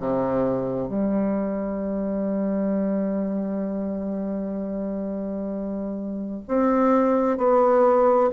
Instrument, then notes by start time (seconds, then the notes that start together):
bassoon
0.00 C3
0.89 G3
6.48 C4
7.38 B3